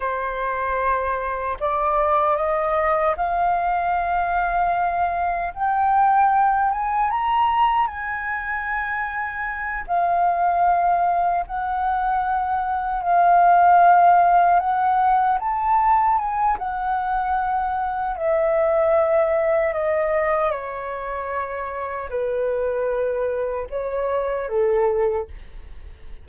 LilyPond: \new Staff \with { instrumentName = "flute" } { \time 4/4 \tempo 4 = 76 c''2 d''4 dis''4 | f''2. g''4~ | g''8 gis''8 ais''4 gis''2~ | gis''8 f''2 fis''4.~ |
fis''8 f''2 fis''4 a''8~ | a''8 gis''8 fis''2 e''4~ | e''4 dis''4 cis''2 | b'2 cis''4 a'4 | }